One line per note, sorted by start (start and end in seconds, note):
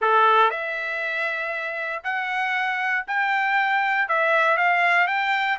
0.01 0.50 A4
0.50 2.02 E5
2.03 3.05 F#5
3.07 4.08 G5
4.08 4.57 E5
4.57 5.07 F5
5.07 5.58 G5